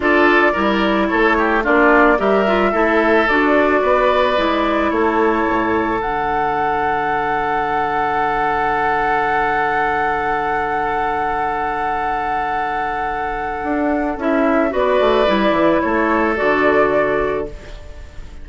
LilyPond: <<
  \new Staff \with { instrumentName = "flute" } { \time 4/4 \tempo 4 = 110 d''2 cis''4 d''4 | e''2 d''2~ | d''4 cis''2 fis''4~ | fis''1~ |
fis''1~ | fis''1~ | fis''2 e''4 d''4~ | d''4 cis''4 d''2 | }
  \new Staff \with { instrumentName = "oboe" } { \time 4/4 a'4 ais'4 a'8 g'8 f'4 | ais'4 a'2 b'4~ | b'4 a'2.~ | a'1~ |
a'1~ | a'1~ | a'2. b'4~ | b'4 a'2. | }
  \new Staff \with { instrumentName = "clarinet" } { \time 4/4 f'4 e'2 d'4 | g'8 f'8 e'4 fis'2 | e'2. d'4~ | d'1~ |
d'1~ | d'1~ | d'2 e'4 fis'4 | e'2 fis'2 | }
  \new Staff \with { instrumentName = "bassoon" } { \time 4/4 d'4 g4 a4 ais4 | g4 a4 d'4 b4 | gis4 a4 a,4 d4~ | d1~ |
d1~ | d1~ | d4 d'4 cis'4 b8 a8 | g8 e8 a4 d2 | }
>>